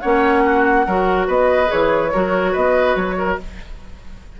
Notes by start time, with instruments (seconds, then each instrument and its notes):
0.00 bassoon A#3, clarinet C#4, oboe C#5, flute F#5
0.45 oboe F#4
0.86 bassoon F#3, clarinet F#4, oboe A#4
1.27 bassoon B3, oboe B4, flute D#5
1.66 bassoon E3, clarinet G#4, flute C#5
2.12 bassoon F#3, clarinet F#4, oboe A#4
2.52 bassoon B3, oboe B4, flute D#5
2.95 bassoon F#3, flute C#5
3.18 oboe A#4